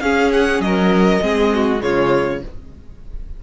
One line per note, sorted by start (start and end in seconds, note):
0.00 0.59 C#4
0.00 1.21 C#4
0.00 0.62 G#4
0.00 0.30 F5
0.32 0.61 F#5
0.59 1.19 F#3
0.59 1.23 A#4
0.59 1.81 D#5
1.21 1.82 G#3
1.21 1.79 C4
1.21 1.53 G#4
1.54 1.83 F#4
1.79 2.42 C#3
1.79 2.39 G#3
1.79 2.43 F4
1.79 2.42 C#5